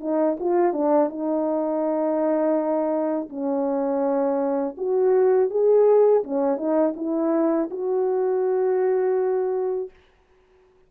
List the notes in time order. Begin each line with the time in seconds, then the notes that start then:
0.00 D#4
0.39 F4
0.73 D4
1.09 D#4
3.29 C#4
4.77 F#4
5.50 G#4
6.24 C#4
6.57 D#4
6.96 E4
7.70 F#4